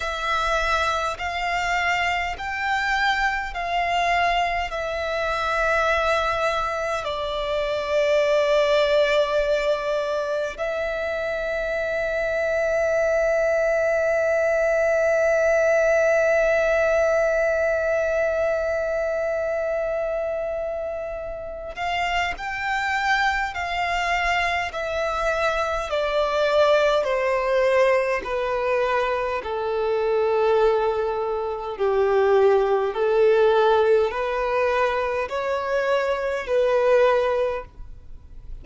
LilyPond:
\new Staff \with { instrumentName = "violin" } { \time 4/4 \tempo 4 = 51 e''4 f''4 g''4 f''4 | e''2 d''2~ | d''4 e''2.~ | e''1~ |
e''2~ e''8 f''8 g''4 | f''4 e''4 d''4 c''4 | b'4 a'2 g'4 | a'4 b'4 cis''4 b'4 | }